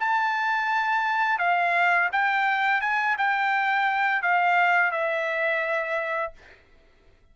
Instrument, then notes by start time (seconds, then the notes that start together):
trumpet
0.00 A5
1.39 F5
2.12 G5
2.81 G#5
3.18 G5
4.23 F5
4.92 E5